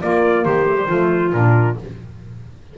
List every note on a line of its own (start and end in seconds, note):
0.00 0.66 A#3
0.00 0.45 A#3
0.00 0.44 F4
0.00 0.44 D5
0.44 0.89 D#3
0.44 0.88 G4
0.44 1.33 C5
0.66 0.77 A3
0.77 0.88 G3
0.88 1.33 F3
0.88 1.32 A3
0.88 1.76 F4
1.33 1.77 A#2
1.33 1.77 D4
1.33 1.77 A#4